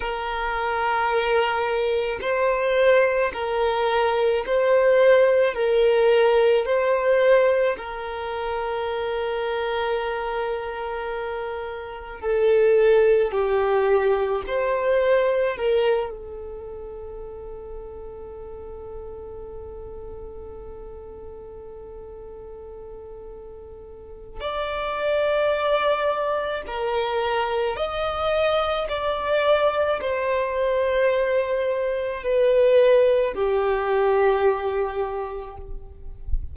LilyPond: \new Staff \with { instrumentName = "violin" } { \time 4/4 \tempo 4 = 54 ais'2 c''4 ais'4 | c''4 ais'4 c''4 ais'4~ | ais'2. a'4 | g'4 c''4 ais'8 a'4.~ |
a'1~ | a'2 d''2 | ais'4 dis''4 d''4 c''4~ | c''4 b'4 g'2 | }